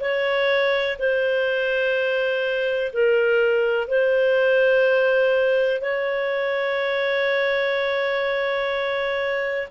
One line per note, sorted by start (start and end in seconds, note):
0.00 0.97 C#5
0.99 2.92 C5
2.93 3.88 A#4
3.88 5.81 C5
5.81 9.68 C#5